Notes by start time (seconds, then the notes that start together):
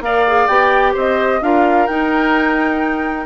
0.00 A#3 A#4 D5 F5
0.27 G#4
0.47 B3 G4 G5
0.93 C4 C5 D#5
1.41 D4 F4 A#4 F5
1.86 D#4 G5